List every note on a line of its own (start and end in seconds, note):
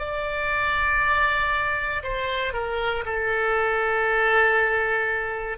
0.00 2.03 D5
2.04 2.54 C5
2.54 3.05 A#4
3.06 5.58 A4